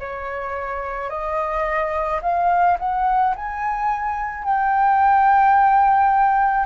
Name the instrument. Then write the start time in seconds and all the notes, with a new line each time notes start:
flute
0.00 C#5
1.10 D#5
2.23 F5
2.80 F#5
3.36 G#5
4.45 G5